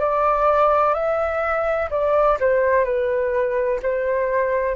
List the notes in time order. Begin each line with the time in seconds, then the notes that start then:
0.00 D5
0.94 E5
1.90 D5
2.40 C5
2.84 B4
3.83 C5